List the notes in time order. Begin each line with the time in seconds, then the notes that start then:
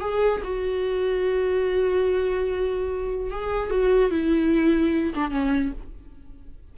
0.00 G#4
0.43 F#4
3.31 G#4
3.70 F#4
4.10 E4
5.15 D4
5.30 C#4